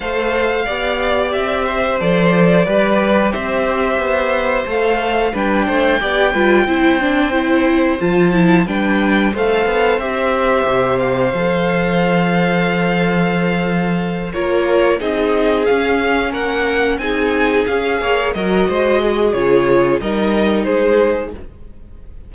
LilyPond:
<<
  \new Staff \with { instrumentName = "violin" } { \time 4/4 \tempo 4 = 90 f''2 e''4 d''4~ | d''4 e''2 f''4 | g''1 | a''4 g''4 f''4 e''4~ |
e''8 f''2.~ f''8~ | f''4. cis''4 dis''4 f''8~ | f''8 fis''4 gis''4 f''4 dis''8~ | dis''4 cis''4 dis''4 c''4 | }
  \new Staff \with { instrumentName = "violin" } { \time 4/4 c''4 d''4. c''4. | b'4 c''2. | b'8 c''8 d''8 b'8 c''2~ | c''4 b'4 c''2~ |
c''1~ | c''4. ais'4 gis'4.~ | gis'8 ais'4 gis'4. cis''8 ais'8 | c''8 gis'4. ais'4 gis'4 | }
  \new Staff \with { instrumentName = "viola" } { \time 4/4 a'4 g'2 a'4 | g'2. a'4 | d'4 g'8 f'8 e'8 d'8 e'4 | f'8 e'8 d'4 a'4 g'4~ |
g'4 a'2.~ | a'4. f'4 dis'4 cis'8~ | cis'4. dis'4 gis'4 fis'8~ | fis'4 f'4 dis'2 | }
  \new Staff \with { instrumentName = "cello" } { \time 4/4 a4 b4 c'4 f4 | g4 c'4 b4 a4 | g8 a8 b8 g8 c'2 | f4 g4 a8 b8 c'4 |
c4 f2.~ | f4. ais4 c'4 cis'8~ | cis'8 ais4 c'4 cis'8 ais8 fis8 | gis4 cis4 g4 gis4 | }
>>